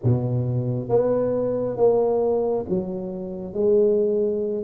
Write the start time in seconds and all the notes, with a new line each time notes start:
0.03 B2
0.88 B3
1.76 A#3
2.69 F#3
3.53 G#3